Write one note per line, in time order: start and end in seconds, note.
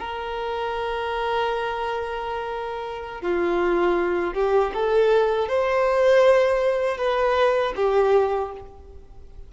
0.00 3.22 A#4
3.22 4.34 F4
4.34 4.72 G4
4.74 5.49 A4
5.49 6.98 C5
6.98 7.74 B4
7.76 8.52 G4